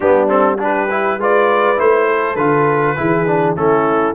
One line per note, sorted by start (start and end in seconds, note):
0.00 1.17 G3
0.00 0.27 B3
0.00 0.59 D4
0.00 0.28 G4
0.27 0.57 C4
0.27 0.58 A4
0.58 0.88 D4
0.58 1.19 G4
0.58 1.22 B4
0.90 1.19 E4
1.17 1.76 G#3
1.17 1.76 F4
1.17 2.06 B4
1.17 1.79 D5
1.76 2.36 A3
1.76 2.36 E4
1.76 2.36 C5
2.06 2.95 A4
2.36 2.96 D3
2.36 2.96 F4
2.36 3.55 B4
2.96 3.56 E3
2.96 3.26 E4
2.96 3.56 G#4
3.26 3.55 D4
3.55 4.15 A3
3.55 4.15 C#4
3.55 4.15 E4
3.55 4.15 A4